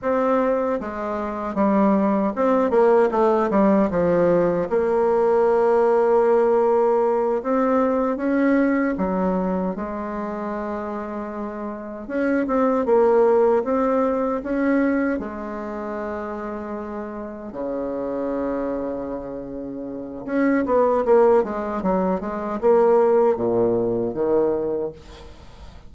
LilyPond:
\new Staff \with { instrumentName = "bassoon" } { \time 4/4 \tempo 4 = 77 c'4 gis4 g4 c'8 ais8 | a8 g8 f4 ais2~ | ais4. c'4 cis'4 fis8~ | fis8 gis2. cis'8 |
c'8 ais4 c'4 cis'4 gis8~ | gis2~ gis8 cis4.~ | cis2 cis'8 b8 ais8 gis8 | fis8 gis8 ais4 ais,4 dis4 | }